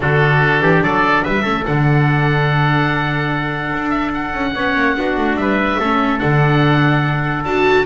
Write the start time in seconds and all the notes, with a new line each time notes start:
0.00 D3 D4 F#4 A4
0.60 E3 G4
0.81 F#3 A4 D5
1.23 G3 B4 E5
1.42 A3 C#4 A4
1.66 D3 D4 F#5
3.73 D4
3.90 E5
4.14 F#5
4.33 C#4
4.54 B3 C#4 C#5
4.75 A#3
4.96 B3 D4 F#4
5.16 A3
5.35 G3 B4 E5
5.79 A3 C#4 A4
6.19 D3 D4 F#5
7.44 D4 F#4 A5